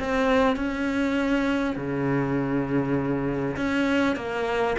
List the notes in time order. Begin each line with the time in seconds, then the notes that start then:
0.00 C4
0.57 C#4
1.76 C#3
3.57 C#4
4.17 A#3